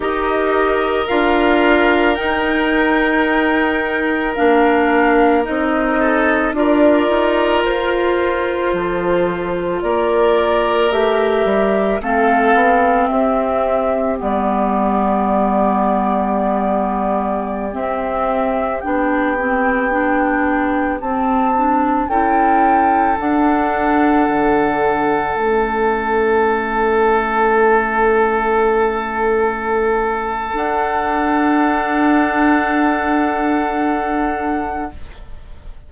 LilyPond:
<<
  \new Staff \with { instrumentName = "flute" } { \time 4/4 \tempo 4 = 55 dis''4 f''4 g''2 | f''4 dis''4 d''4 c''4~ | c''4 d''4 e''4 f''4 | e''4 d''2.~ |
d''16 e''4 g''2 a''8.~ | a''16 g''4 fis''2 e''8.~ | e''1 | fis''1 | }
  \new Staff \with { instrumentName = "oboe" } { \time 4/4 ais'1~ | ais'4. a'8 ais'2 | a'4 ais'2 a'4 | g'1~ |
g'1~ | g'16 a'2.~ a'8.~ | a'1~ | a'1 | }
  \new Staff \with { instrumentName = "clarinet" } { \time 4/4 g'4 f'4 dis'2 | d'4 dis'4 f'2~ | f'2 g'4 c'4~ | c'4 b2.~ |
b16 c'4 d'8 c'8 d'4 c'8 d'16~ | d'16 e'4 d'2 cis'8.~ | cis'1 | d'1 | }
  \new Staff \with { instrumentName = "bassoon" } { \time 4/4 dis'4 d'4 dis'2 | ais4 c'4 d'8 dis'8 f'4 | f4 ais4 a8 g8 a8 b8 | c'4 g2.~ |
g16 c'4 b2 c'8.~ | c'16 cis'4 d'4 d4 a8.~ | a1 | d'1 | }
>>